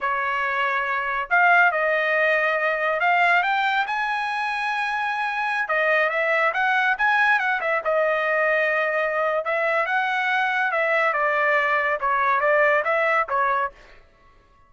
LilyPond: \new Staff \with { instrumentName = "trumpet" } { \time 4/4 \tempo 4 = 140 cis''2. f''4 | dis''2. f''4 | g''4 gis''2.~ | gis''4~ gis''16 dis''4 e''4 fis''8.~ |
fis''16 gis''4 fis''8 e''8 dis''4.~ dis''16~ | dis''2 e''4 fis''4~ | fis''4 e''4 d''2 | cis''4 d''4 e''4 cis''4 | }